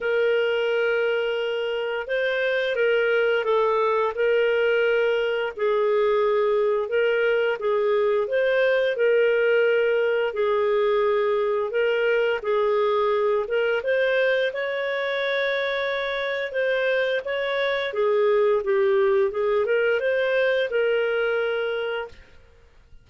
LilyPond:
\new Staff \with { instrumentName = "clarinet" } { \time 4/4 \tempo 4 = 87 ais'2. c''4 | ais'4 a'4 ais'2 | gis'2 ais'4 gis'4 | c''4 ais'2 gis'4~ |
gis'4 ais'4 gis'4. ais'8 | c''4 cis''2. | c''4 cis''4 gis'4 g'4 | gis'8 ais'8 c''4 ais'2 | }